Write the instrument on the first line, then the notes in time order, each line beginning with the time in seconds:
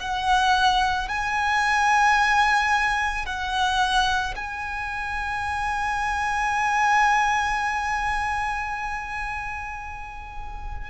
violin
0.00 F#5
1.09 G#5
3.26 F#5
4.36 G#5